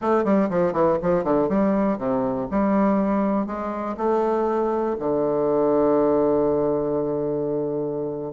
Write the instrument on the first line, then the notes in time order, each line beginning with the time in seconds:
bassoon
0.01 A3
0.24 G3
0.49 F3
0.73 E3
1.02 F3
1.24 D3
1.49 G3
1.97 C3
2.50 G3
3.46 G#3
3.97 A3
4.99 D3